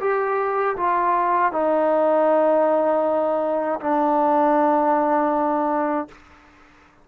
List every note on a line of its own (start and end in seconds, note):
0.00 0.76 G4
0.76 1.52 F4
1.52 3.80 D#4
3.80 6.08 D4